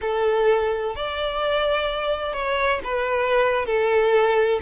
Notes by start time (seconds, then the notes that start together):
0.01 A4
0.95 D5
2.33 C#5
2.84 B4
3.65 A4